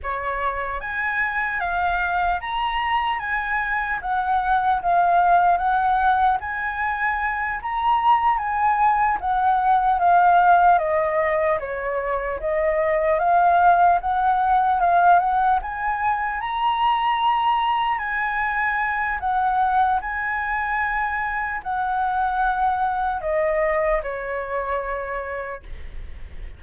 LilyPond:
\new Staff \with { instrumentName = "flute" } { \time 4/4 \tempo 4 = 75 cis''4 gis''4 f''4 ais''4 | gis''4 fis''4 f''4 fis''4 | gis''4. ais''4 gis''4 fis''8~ | fis''8 f''4 dis''4 cis''4 dis''8~ |
dis''8 f''4 fis''4 f''8 fis''8 gis''8~ | gis''8 ais''2 gis''4. | fis''4 gis''2 fis''4~ | fis''4 dis''4 cis''2 | }